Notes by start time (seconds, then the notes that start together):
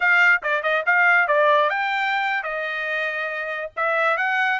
0.00 F5
0.42 D5
0.62 D#5
0.85 F5
1.27 D5
1.69 G5
2.43 D#5
3.76 E5
4.17 F#5